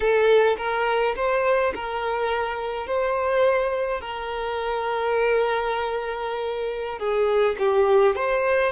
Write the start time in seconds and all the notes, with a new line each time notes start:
0.00 A4
0.57 A#4
1.16 C5
1.74 A#4
2.86 C5
4.00 A#4
6.98 G#4
7.58 G4
8.15 C5